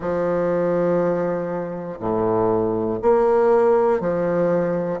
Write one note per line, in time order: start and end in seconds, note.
0.00 1.99 F3
1.99 2.99 A2
3.02 4.00 A#3
4.00 5.00 F3